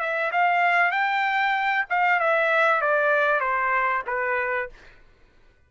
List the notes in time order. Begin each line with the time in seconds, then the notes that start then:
0.00 E5
0.32 F5
0.91 G5
1.90 F5
2.20 E5
2.82 D5
3.40 C5
4.07 B4